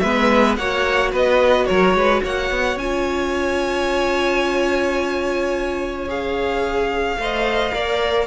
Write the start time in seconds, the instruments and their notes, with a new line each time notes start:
0.00 cello G#3, viola B3, violin B4 E5
0.56 cello A#3, viola F#4, violin C#5 F#5
1.11 cello B3, violin B4 D#5
1.66 cello F#3, violin A#4 C#5
1.94 cello G#3, violin B4
2.23 cello A#3, violin C#5 F#5
2.50 cello B3
2.76 cello C#4, viola F4, violin G#5
6.08 viola G#4, violin F5
7.16 cello A3, viola C5, violin D#5
7.72 cello A#3, viola A#4, violin D5